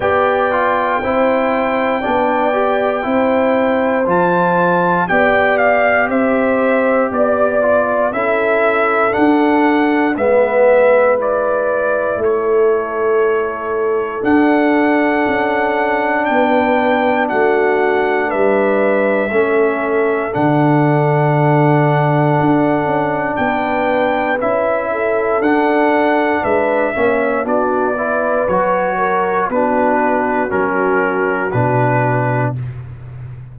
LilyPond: <<
  \new Staff \with { instrumentName = "trumpet" } { \time 4/4 \tempo 4 = 59 g''1 | a''4 g''8 f''8 e''4 d''4 | e''4 fis''4 e''4 d''4 | cis''2 fis''2 |
g''4 fis''4 e''2 | fis''2. g''4 | e''4 fis''4 e''4 d''4 | cis''4 b'4 ais'4 b'4 | }
  \new Staff \with { instrumentName = "horn" } { \time 4/4 d''4 c''4 d''4 c''4~ | c''4 d''4 c''4 d''4 | a'2 b'2 | a'1 |
b'4 fis'4 b'4 a'4~ | a'2. b'4~ | b'8 a'4. b'8 cis''8 fis'8 b'8~ | b'8 ais'8 fis'2. | }
  \new Staff \with { instrumentName = "trombone" } { \time 4/4 g'8 f'8 e'4 d'8 g'8 e'4 | f'4 g'2~ g'8 f'8 | e'4 d'4 b4 e'4~ | e'2 d'2~ |
d'2. cis'4 | d'1 | e'4 d'4. cis'8 d'8 e'8 | fis'4 d'4 cis'4 d'4 | }
  \new Staff \with { instrumentName = "tuba" } { \time 4/4 b4 c'4 b4 c'4 | f4 b4 c'4 b4 | cis'4 d'4 gis2 | a2 d'4 cis'4 |
b4 a4 g4 a4 | d2 d'8 cis'8 b4 | cis'4 d'4 gis8 ais8 b4 | fis4 b4 fis4 b,4 | }
>>